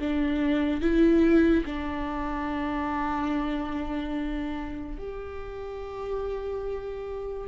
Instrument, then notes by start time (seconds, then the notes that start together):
viola
0.00 D4
0.81 E4
1.66 D4
4.98 G4